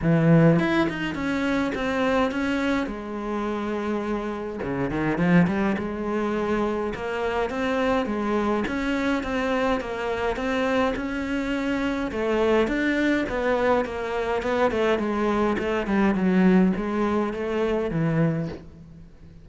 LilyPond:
\new Staff \with { instrumentName = "cello" } { \time 4/4 \tempo 4 = 104 e4 e'8 dis'8 cis'4 c'4 | cis'4 gis2. | cis8 dis8 f8 g8 gis2 | ais4 c'4 gis4 cis'4 |
c'4 ais4 c'4 cis'4~ | cis'4 a4 d'4 b4 | ais4 b8 a8 gis4 a8 g8 | fis4 gis4 a4 e4 | }